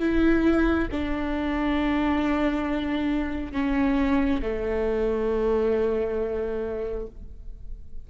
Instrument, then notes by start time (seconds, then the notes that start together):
viola
0.00 E4
0.92 D4
3.53 C#4
4.42 A3